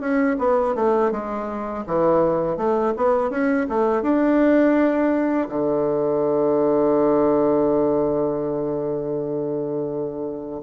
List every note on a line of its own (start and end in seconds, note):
0.00 0.37 C#4
0.39 0.75 B3
0.75 1.11 A3
1.11 1.85 G#3
1.87 2.57 E3
2.57 2.94 A3
2.97 3.30 B3
3.30 3.67 C#4
3.69 4.02 A3
4.02 5.48 D4
5.49 10.61 D3